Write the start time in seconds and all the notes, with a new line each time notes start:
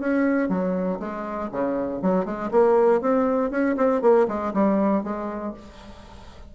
0.00 C#4
0.49 F#3
1.00 G#3
1.52 C#3
2.03 F#3
2.26 G#3
2.52 A#3
3.02 C4
3.51 C#4
3.77 C4
4.02 A#3
4.29 G#3
4.54 G3
5.04 G#3